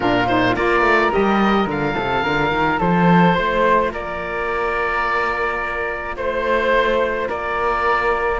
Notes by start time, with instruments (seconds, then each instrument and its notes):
0.00 cello A#2, saxophone D4, flute F4, oboe A#4
0.27 saxophone D#4, oboe C5
0.55 cello A#3, saxophone F4, flute A#4, oboe D5
0.81 cello A3
1.11 cello G3, saxophone G4, oboe D#5
1.66 cello D3, saxophone F4, oboe F5
1.95 cello C3, flute A4
2.23 cello D3, flute A#4
2.51 cello D#3
2.78 cello F3, flute A4, oboe C5
3.34 cello A3, flute C5
3.91 cello A#3, flute A#4, oboe D5
6.16 cello A3, oboe C5, flute C5
7.28 cello A#3, flute A#4, oboe D5